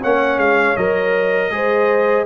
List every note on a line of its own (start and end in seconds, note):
0.00 0.37 A#3
0.00 0.77 C#4
0.00 1.50 C#5
0.00 0.39 F#5
0.37 0.74 G#3
0.37 0.76 F5
0.76 1.50 F#3
0.76 1.51 A#4
0.76 2.25 D#5
1.50 2.25 G#3
1.50 2.25 G#4
1.50 2.25 C5